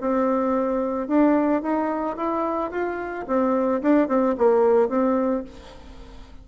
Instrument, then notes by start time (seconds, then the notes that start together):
bassoon
0.00 C4
1.07 D4
1.62 D#4
2.16 E4
2.71 F4
3.27 C4
3.82 D4
4.08 C4
4.37 A#3
4.89 C4